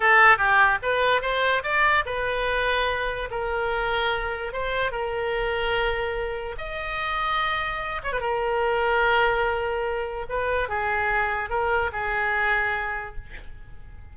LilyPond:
\new Staff \with { instrumentName = "oboe" } { \time 4/4 \tempo 4 = 146 a'4 g'4 b'4 c''4 | d''4 b'2. | ais'2. c''4 | ais'1 |
dis''2.~ dis''8 cis''16 b'16 | ais'1~ | ais'4 b'4 gis'2 | ais'4 gis'2. | }